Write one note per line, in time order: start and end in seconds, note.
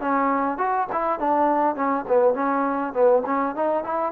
0.00 0.58 C#4
0.58 0.87 F#4
0.92 1.19 E4
1.19 1.75 D4
1.75 2.05 C#4
2.08 2.34 B3
2.34 2.93 C#4
2.93 3.23 B3
3.26 3.55 C#4
3.55 3.83 D#4
3.83 4.12 E4